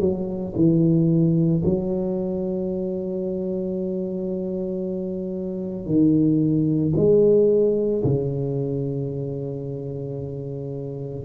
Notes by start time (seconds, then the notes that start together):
0.00 F#3
0.56 E3
1.65 F#3
5.86 D#3
6.96 G#3
8.04 C#3